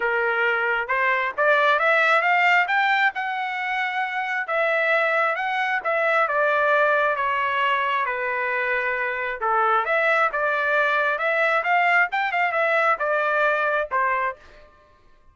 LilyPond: \new Staff \with { instrumentName = "trumpet" } { \time 4/4 \tempo 4 = 134 ais'2 c''4 d''4 | e''4 f''4 g''4 fis''4~ | fis''2 e''2 | fis''4 e''4 d''2 |
cis''2 b'2~ | b'4 a'4 e''4 d''4~ | d''4 e''4 f''4 g''8 f''8 | e''4 d''2 c''4 | }